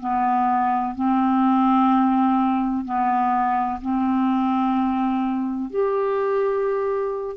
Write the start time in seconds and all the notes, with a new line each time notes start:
0.00 B3
0.95 C4
2.85 B3
3.81 C4
5.70 G4